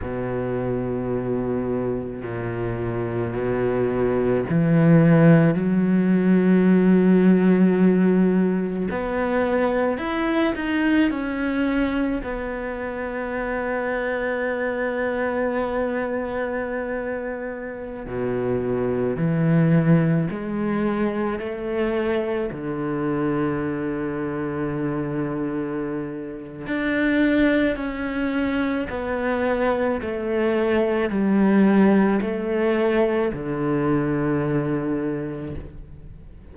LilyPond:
\new Staff \with { instrumentName = "cello" } { \time 4/4 \tempo 4 = 54 b,2 ais,4 b,4 | e4 fis2. | b4 e'8 dis'8 cis'4 b4~ | b1~ |
b16 b,4 e4 gis4 a8.~ | a16 d2.~ d8. | d'4 cis'4 b4 a4 | g4 a4 d2 | }